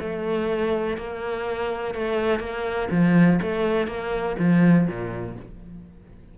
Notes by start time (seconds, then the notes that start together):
0.00 A3
0.97 A#3
1.94 A3
2.40 A#3
2.91 F3
3.42 A3
3.87 A#3
4.39 F3
4.87 A#2